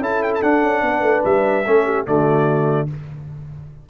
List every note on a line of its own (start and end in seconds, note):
0.00 0.41 C#4
0.00 0.42 E4
0.00 0.83 A4
0.00 0.23 A5
0.23 0.33 G5
0.35 0.42 A5
0.42 1.65 D4
0.42 0.63 D4
0.42 1.24 F#5
0.63 0.82 C#4
0.82 1.01 B3
0.82 1.68 B4
1.01 1.22 A3
1.25 1.66 G3
1.25 2.07 E5
1.66 2.07 A3
1.66 2.06 C#4
1.66 1.86 A4
1.86 2.06 G4
2.06 2.90 D3
2.06 2.88 A3
2.06 2.88 F#4
2.06 2.89 D5